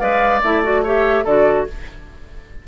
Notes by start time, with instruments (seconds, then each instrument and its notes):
0.00 bassoon G#3, clarinet B4, oboe D5, flute F5
0.43 bassoon A3, clarinet E4, flute E5
0.64 clarinet F#4, flute D5
0.84 clarinet G4, oboe C#5, flute E5
1.24 bassoon D3, clarinet F#4, oboe A4, flute D5